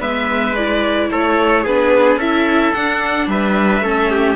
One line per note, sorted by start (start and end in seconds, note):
0.00 1.10 G#3
0.00 0.55 B3
0.00 1.09 B4
0.00 0.55 E5
0.55 1.67 E4
0.55 1.10 D5
1.11 1.66 A3
1.11 1.63 A4
1.11 1.66 C#5
1.63 2.16 B3
1.63 2.20 D4
1.63 2.17 G#4
1.63 2.20 B4
2.16 2.71 C#4
2.16 2.74 E4
2.16 3.27 A4
2.16 2.73 E5
2.73 3.83 D4
2.73 3.27 D4
2.73 3.28 F#5
3.27 3.80 G3
3.27 3.84 B4
3.27 4.36 E5
3.80 4.35 A3
3.80 4.36 C#4
3.80 4.11 A4
4.11 4.36 G4